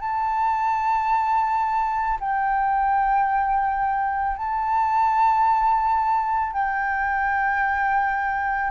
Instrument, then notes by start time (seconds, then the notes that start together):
flute
0.00 A5
2.20 G5
4.36 A5
6.53 G5